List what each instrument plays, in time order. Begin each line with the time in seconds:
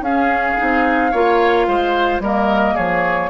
0.00 bassoon C#4, clarinet C#4, oboe G#4, flute F5
0.57 bassoon C4, clarinet D#4
1.11 bassoon A#3, clarinet F4, oboe C#5
1.67 bassoon G#3, oboe C5
2.19 bassoon G3, clarinet A#3, oboe A#4, flute D#5
2.75 bassoon F3, oboe G#4, flute C#5